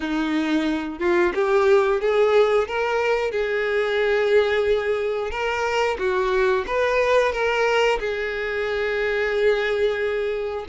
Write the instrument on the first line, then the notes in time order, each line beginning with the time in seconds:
violin
0.00 D#4
0.99 F4
1.34 G4
2.01 G#4
2.67 A#4
3.31 G#4
5.30 A#4
5.98 F#4
6.67 B4
7.32 A#4
7.98 G#4